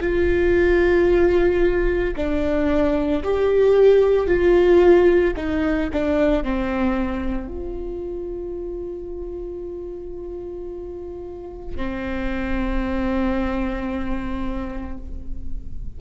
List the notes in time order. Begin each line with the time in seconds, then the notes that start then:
0.00 F4
2.16 D4
3.23 G4
4.27 F4
5.36 D#4
5.93 D4
6.43 C4
7.48 F4
11.76 C4